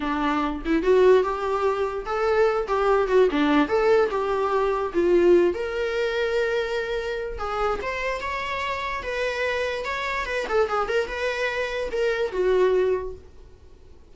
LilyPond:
\new Staff \with { instrumentName = "viola" } { \time 4/4 \tempo 4 = 146 d'4. e'8 fis'4 g'4~ | g'4 a'4. g'4 fis'8 | d'4 a'4 g'2 | f'4. ais'2~ ais'8~ |
ais'2 gis'4 c''4 | cis''2 b'2 | cis''4 b'8 a'8 gis'8 ais'8 b'4~ | b'4 ais'4 fis'2 | }